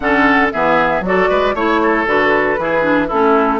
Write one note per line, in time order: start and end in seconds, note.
0.00 0.51 D3
0.00 0.53 C#4
0.00 0.52 A4
0.00 0.48 F#5
0.52 1.00 E3
0.52 1.04 B3
0.52 1.04 G#4
0.52 1.03 E5
1.00 1.26 F#3
1.00 1.55 F#4
1.00 1.55 D5
1.07 1.29 A4
1.29 1.54 G#3
1.29 1.55 B4
1.54 2.06 A3
1.54 2.06 E4
1.54 2.06 C#5
1.54 1.81 C#5
1.82 2.59 A4
2.06 2.58 D3
2.06 2.58 F#4
2.06 3.09 B4
2.58 3.10 E3
2.58 2.82 E4
2.58 3.07 G#4
2.82 3.08 D4
3.07 3.60 A3
3.07 3.60 C#4
3.07 3.59 E4
3.07 3.60 A4